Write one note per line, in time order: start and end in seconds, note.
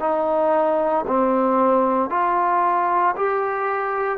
0.00 1.05 D#4
1.07 2.10 C4
2.10 3.15 F4
3.16 4.18 G4